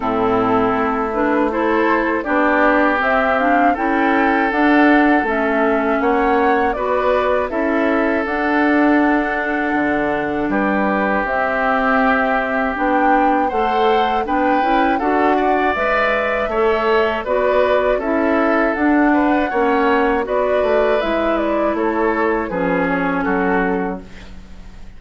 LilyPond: <<
  \new Staff \with { instrumentName = "flute" } { \time 4/4 \tempo 4 = 80 a'4. b'8 c''4 d''4 | e''8 f''8 g''4 fis''4 e''4 | fis''4 d''4 e''4 fis''4~ | fis''2 b'4 e''4~ |
e''4 g''4 fis''4 g''4 | fis''4 e''2 d''4 | e''4 fis''2 d''4 | e''8 d''8 cis''4 b'8 cis''8 a'4 | }
  \new Staff \with { instrumentName = "oboe" } { \time 4/4 e'2 a'4 g'4~ | g'4 a'2. | cis''4 b'4 a'2~ | a'2 g'2~ |
g'2 c''4 b'4 | a'8 d''4. cis''4 b'4 | a'4. b'8 cis''4 b'4~ | b'4 a'4 gis'4 fis'4 | }
  \new Staff \with { instrumentName = "clarinet" } { \time 4/4 c'4. d'8 e'4 d'4 | c'8 d'8 e'4 d'4 cis'4~ | cis'4 fis'4 e'4 d'4~ | d'2. c'4~ |
c'4 d'4 a'4 d'8 e'8 | fis'4 b'4 a'4 fis'4 | e'4 d'4 cis'4 fis'4 | e'2 cis'2 | }
  \new Staff \with { instrumentName = "bassoon" } { \time 4/4 a,4 a2 b4 | c'4 cis'4 d'4 a4 | ais4 b4 cis'4 d'4~ | d'4 d4 g4 c'4~ |
c'4 b4 a4 b8 cis'8 | d'4 gis4 a4 b4 | cis'4 d'4 ais4 b8 a8 | gis4 a4 f4 fis4 | }
>>